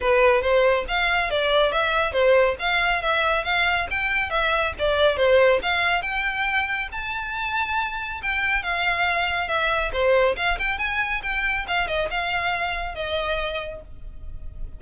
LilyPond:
\new Staff \with { instrumentName = "violin" } { \time 4/4 \tempo 4 = 139 b'4 c''4 f''4 d''4 | e''4 c''4 f''4 e''4 | f''4 g''4 e''4 d''4 | c''4 f''4 g''2 |
a''2. g''4 | f''2 e''4 c''4 | f''8 g''8 gis''4 g''4 f''8 dis''8 | f''2 dis''2 | }